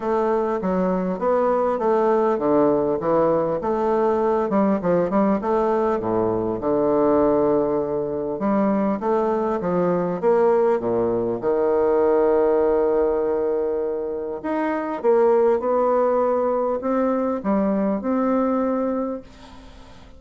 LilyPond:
\new Staff \with { instrumentName = "bassoon" } { \time 4/4 \tempo 4 = 100 a4 fis4 b4 a4 | d4 e4 a4. g8 | f8 g8 a4 a,4 d4~ | d2 g4 a4 |
f4 ais4 ais,4 dis4~ | dis1 | dis'4 ais4 b2 | c'4 g4 c'2 | }